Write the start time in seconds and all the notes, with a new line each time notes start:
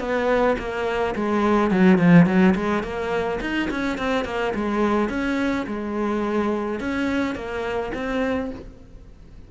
0.00 B3
0.59 A#3
1.16 G#3
1.71 F#3
1.98 F3
2.26 F#3
2.56 G#3
2.84 A#3
3.41 D#4
3.71 C#4
3.98 C4
4.25 A#3
4.55 G#3
5.10 C#4
5.67 G#3
6.80 C#4
7.36 A#3
7.95 C4